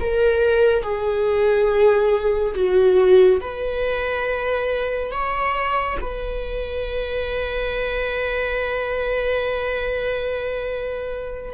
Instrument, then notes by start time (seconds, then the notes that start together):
viola
0.00 A#4
0.83 G#4
2.55 F#4
3.41 B4
5.12 C#5
6.01 B4